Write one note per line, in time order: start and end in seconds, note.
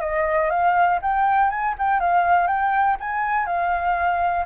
0.00 0.50 D#5
0.50 0.99 F5
1.02 1.50 G5
1.50 1.75 G#5
1.78 2.00 G5
2.00 2.47 F5
2.47 2.97 G5
3.00 3.46 G#5
3.46 4.45 F5